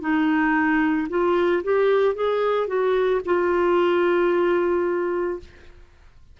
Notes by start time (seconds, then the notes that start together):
0.00 D#4
1.09 F4
1.64 G4
2.15 G#4
2.67 F#4
3.25 F4